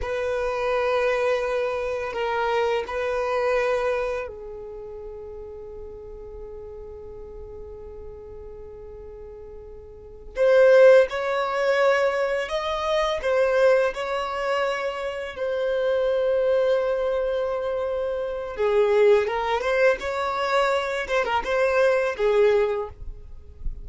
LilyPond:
\new Staff \with { instrumentName = "violin" } { \time 4/4 \tempo 4 = 84 b'2. ais'4 | b'2 gis'2~ | gis'1~ | gis'2~ gis'8 c''4 cis''8~ |
cis''4. dis''4 c''4 cis''8~ | cis''4. c''2~ c''8~ | c''2 gis'4 ais'8 c''8 | cis''4. c''16 ais'16 c''4 gis'4 | }